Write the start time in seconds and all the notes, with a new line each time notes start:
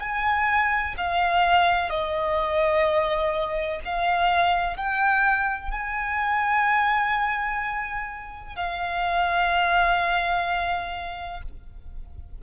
0.00 G#5
0.98 F5
1.90 D#5
3.85 F5
4.77 G5
5.71 G#5
8.56 F5